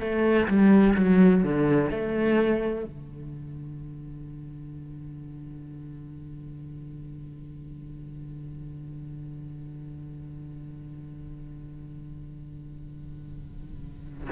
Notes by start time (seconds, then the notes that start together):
0.00 A3
0.48 G3
0.96 F#3
1.44 D3
1.91 A3
2.86 D3